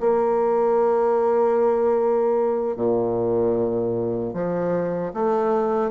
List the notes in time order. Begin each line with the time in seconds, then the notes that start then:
0.00 A#3
2.76 A#2
4.33 F3
5.14 A3